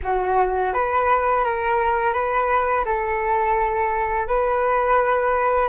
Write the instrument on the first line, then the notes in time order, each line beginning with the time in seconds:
flute
0.03 F#4
0.73 B4
1.44 A#4
2.13 B4
2.85 A4
4.27 B4